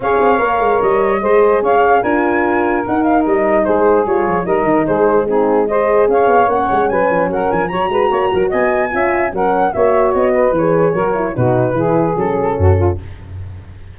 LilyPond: <<
  \new Staff \with { instrumentName = "flute" } { \time 4/4 \tempo 4 = 148 f''2 dis''2 | f''4 gis''2 fis''8 f''8 | dis''4 c''4 cis''4 dis''4 | c''4 gis'4 dis''4 f''4 |
fis''4 gis''4 fis''8 gis''8 ais''4~ | ais''4 gis''2 fis''4 | e''4 dis''4 cis''2 | b'2 a'2 | }
  \new Staff \with { instrumentName = "saxophone" } { \time 4/4 cis''2. c''4 | cis''4 ais'2.~ | ais'4 gis'2 ais'4 | gis'4 dis'4 c''4 cis''4~ |
cis''4 b'4 ais'4 cis''8 b'8 | cis''8 ais'8 dis''4 e''4 ais'4 | cis''4. b'4. ais'4 | fis'4 gis'2 fis'8 f'8 | }
  \new Staff \with { instrumentName = "horn" } { \time 4/4 gis'4 ais'2 gis'4~ | gis'4 f'2 dis'4~ | dis'2 f'4 dis'4~ | dis'4 c'4 gis'2 |
cis'2. fis'4~ | fis'2 f'4 cis'4 | fis'2 gis'4 fis'8 e'8 | dis'4 e'4 cis'2 | }
  \new Staff \with { instrumentName = "tuba" } { \time 4/4 cis'8 c'8 ais8 gis8 g4 gis4 | cis'4 d'2 dis'4 | g4 gis4 g8 f8 g8 dis8 | gis2. cis'8 b8 |
ais8 gis8 fis8 f8 fis8 f8 fis8 gis8 | ais8 fis8 b4 cis'4 fis4 | ais4 b4 e4 fis4 | b,4 e4 fis4 fis,4 | }
>>